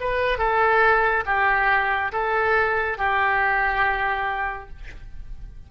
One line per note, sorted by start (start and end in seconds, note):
0.00 0.38 B4
0.38 1.24 A4
1.26 2.12 G4
2.12 2.98 A4
2.98 4.69 G4